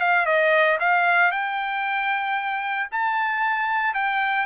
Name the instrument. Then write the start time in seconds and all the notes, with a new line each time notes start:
trumpet
0.00 F5
0.26 D#5
0.80 F5
1.31 G5
2.91 A5
3.94 G5